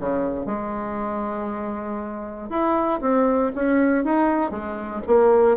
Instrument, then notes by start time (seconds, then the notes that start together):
bassoon
0.00 C#3
0.46 G#3
2.50 E4
3.01 C4
3.55 C#4
4.05 D#4
4.51 G#3
5.07 A#3